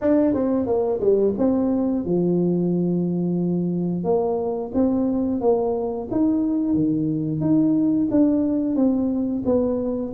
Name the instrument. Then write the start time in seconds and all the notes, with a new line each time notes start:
tuba
0.01 D4
0.34 C4
0.66 A#3
1.00 G3
1.38 C4
2.05 F3
4.04 A#3
4.74 C4
5.41 A#3
6.11 D#4
6.74 D#3
7.40 D#4
8.10 D4
8.75 C4
9.45 B3